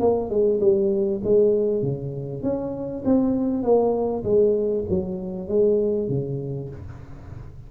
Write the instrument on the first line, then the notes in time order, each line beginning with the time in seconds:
tuba
0.00 A#3
0.30 G#3
0.60 G3
1.24 G#3
1.82 C#3
2.43 C#4
3.05 C4
3.63 A#3
4.24 G#3
4.90 F#3
5.48 G#3
6.09 C#3